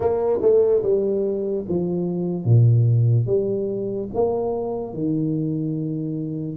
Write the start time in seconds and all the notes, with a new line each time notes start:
0.00 A#3
0.41 A3
0.83 G3
1.68 F3
2.44 A#2
3.26 G3
4.14 A#3
4.93 D#3